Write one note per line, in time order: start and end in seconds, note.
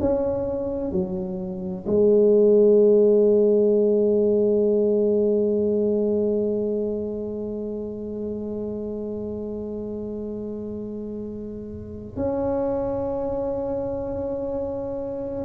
0.00 0.92 C#4
0.92 1.85 F#3
1.86 12.16 G#3
12.16 15.44 C#4